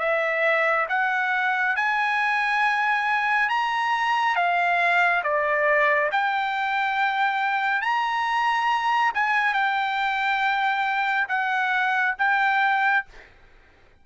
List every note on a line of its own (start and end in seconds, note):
0.00 0.87 E5
0.89 1.76 F#5
1.77 3.50 G#5
3.50 4.36 A#5
4.36 5.23 F5
5.24 6.11 D5
6.12 7.82 G5
7.82 9.13 A#5
9.15 9.54 G#5
9.54 11.28 G5
11.29 12.16 F#5
12.19 13.06 G5